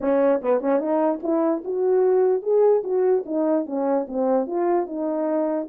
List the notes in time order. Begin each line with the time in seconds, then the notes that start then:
0.00 C#4
0.41 B3
0.60 C#4
0.79 D#4
1.22 E4
1.64 F#4
2.42 G#4
2.83 F#4
3.25 D#4
3.66 C#4
4.07 C4
4.46 F4
4.86 D#4